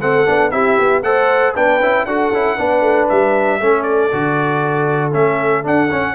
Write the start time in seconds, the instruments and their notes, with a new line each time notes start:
0.00 tuba A3, trombone C4, horn A4, trumpet F#5
0.26 tuba B3, trombone D4
0.51 tuba C4, trombone E4, horn G4, trumpet E5
0.78 tuba B3
1.02 tuba A3, trombone A4, horn C5, trumpet F#5
1.54 tuba B3, trombone D4, horn B4, trumpet G5
1.79 tuba C#4, trombone E4
2.05 tuba D4, trombone F#4, horn A4, trumpet F#5
2.31 tuba C#4, trombone E4
2.56 tuba B3, trombone D4, horn B4
2.80 tuba A3
3.08 tuba G3, trumpet E5
3.60 tuba A3, trombone C#4, horn A4
3.83 trumpet D5
4.12 tuba D3, trombone F#4
5.11 tuba A3, trombone C#4, trumpet E5
5.63 trombone D4, tuba D4, trumpet F#5
5.90 trombone C#4, tuba C#4